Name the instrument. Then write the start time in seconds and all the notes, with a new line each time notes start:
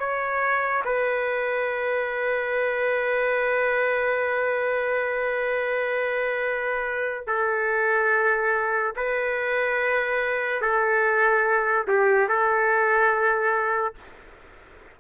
trumpet
0.00 C#5
0.86 B4
7.28 A4
8.97 B4
10.62 A4
11.88 G4
12.29 A4